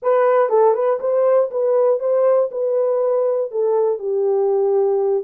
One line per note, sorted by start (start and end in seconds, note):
0.02 0.49 B4
0.49 0.74 A4
0.74 0.99 B4
1.00 1.50 C5
1.50 1.99 B4
1.99 2.49 C5
2.51 3.51 B4
3.51 3.99 A4
3.99 5.24 G4